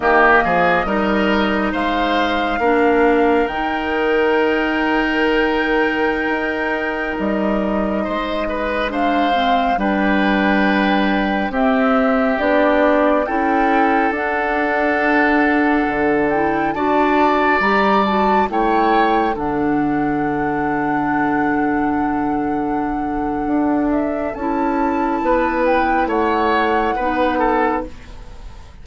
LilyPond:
<<
  \new Staff \with { instrumentName = "flute" } { \time 4/4 \tempo 4 = 69 dis''2 f''2 | g''1~ | g''16 dis''2 f''4 g''8.~ | g''4~ g''16 e''4 d''4 g''8.~ |
g''16 fis''2~ fis''8 g''8 a''8.~ | a''16 ais''8 a''8 g''4 fis''4.~ fis''16~ | fis''2.~ fis''8 e''8 | a''4. g''8 fis''2 | }
  \new Staff \with { instrumentName = "oboe" } { \time 4/4 g'8 gis'8 ais'4 c''4 ais'4~ | ais'1~ | ais'4~ ais'16 c''8 b'8 c''4 b'8.~ | b'4~ b'16 g'2 a'8.~ |
a'2.~ a'16 d''8.~ | d''4~ d''16 cis''4 a'4.~ a'16~ | a'1~ | a'4 b'4 cis''4 b'8 a'8 | }
  \new Staff \with { instrumentName = "clarinet" } { \time 4/4 ais4 dis'2 d'4 | dis'1~ | dis'2~ dis'16 d'8 c'8 d'8.~ | d'4~ d'16 c'4 d'4 e'8.~ |
e'16 d'2~ d'8 e'8 fis'8.~ | fis'16 g'8 fis'8 e'4 d'4.~ d'16~ | d'1 | e'2. dis'4 | }
  \new Staff \with { instrumentName = "bassoon" } { \time 4/4 dis8 f8 g4 gis4 ais4 | dis2.~ dis16 dis'8.~ | dis'16 g4 gis2 g8.~ | g4~ g16 c'4 b4 cis'8.~ |
cis'16 d'2 d4 d'8.~ | d'16 g4 a4 d4.~ d16~ | d2. d'4 | cis'4 b4 a4 b4 | }
>>